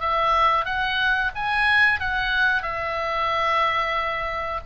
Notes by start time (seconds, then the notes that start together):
0.00 E5
0.65 F#5
1.35 G#5
2.00 F#5
2.62 E5